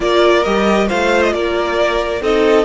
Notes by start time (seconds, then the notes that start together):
0.00 A#3 F4 A#4 D5
0.42 G3 G4 D#5
0.87 A3 F4 C5 F5
1.22 D#5
1.33 A#3 A#4 D5
2.21 C4 D#4 A4 D#5